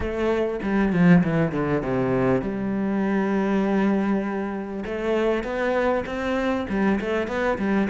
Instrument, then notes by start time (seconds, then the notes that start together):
cello
0.00 A3
0.62 G3
0.93 F3
1.23 E3
1.52 D3
1.82 C3
2.41 G3
4.85 A3
5.43 B3
6.06 C4
6.69 G3
7.00 A3
7.27 B3
7.58 G3